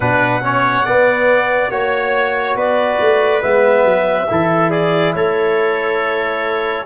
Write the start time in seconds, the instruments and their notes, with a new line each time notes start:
0.00 tuba B2, trombone D4, trumpet B4, clarinet F#5
0.41 trombone C#4, trumpet C#5
0.85 tuba B3, trombone B3, trumpet D5
1.69 tuba A#3, trombone F#4, trumpet C#5, clarinet C#5
2.55 tuba B3, trumpet B4, clarinet D5
2.99 tuba A3
3.41 tuba G#3, trombone B3, clarinet E5
3.84 tuba F#3
4.28 tuba E3, trombone E4, trumpet A4
4.70 trumpet G#4, clarinet D5
5.14 tuba A3, trumpet A4, clarinet C#5